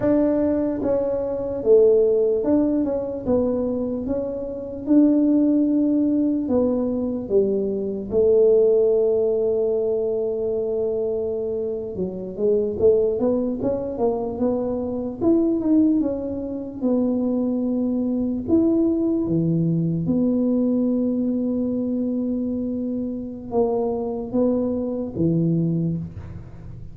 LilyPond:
\new Staff \with { instrumentName = "tuba" } { \time 4/4 \tempo 4 = 74 d'4 cis'4 a4 d'8 cis'8 | b4 cis'4 d'2 | b4 g4 a2~ | a2~ a8. fis8 gis8 a16~ |
a16 b8 cis'8 ais8 b4 e'8 dis'8 cis'16~ | cis'8. b2 e'4 e16~ | e8. b2.~ b16~ | b4 ais4 b4 e4 | }